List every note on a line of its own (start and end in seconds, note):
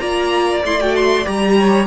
0.00 0.63 A#3
0.00 0.63 F4
0.00 1.58 D5
0.00 0.62 A#5
0.63 1.26 A3
0.63 0.79 E4
0.63 0.81 C6
0.79 1.24 F#4
0.79 0.96 G5
0.96 1.27 C6
1.24 1.87 G3
1.24 1.86 G4
1.24 1.87 A#5
1.59 1.87 C#5